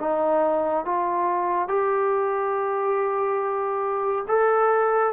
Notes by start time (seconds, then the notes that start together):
0.00 D#4
0.85 F4
1.68 G4
4.28 A4